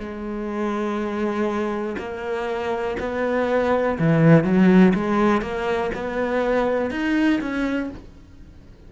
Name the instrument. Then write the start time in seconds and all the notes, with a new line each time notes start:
cello
0.00 G#3
1.99 A#3
3.00 B3
3.99 E3
4.44 F#3
4.95 G#3
5.42 A#3
5.95 B3
6.91 D#4
7.41 C#4